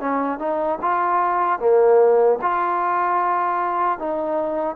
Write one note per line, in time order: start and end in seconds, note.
0.00 0.39 C#4
0.39 0.79 D#4
0.81 1.59 F4
1.59 2.39 A#3
2.42 3.99 F4
3.99 4.76 D#4